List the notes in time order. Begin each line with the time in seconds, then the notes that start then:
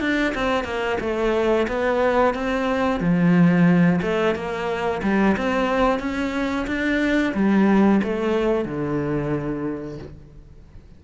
0.00 D4
0.34 C4
0.64 A#3
1.00 A3
1.68 B3
2.34 C4
3.00 F3
4.02 A3
4.35 A#3
5.02 G3
5.37 C4
5.99 C#4
6.66 D4
7.34 G3
8.03 A3
8.65 D3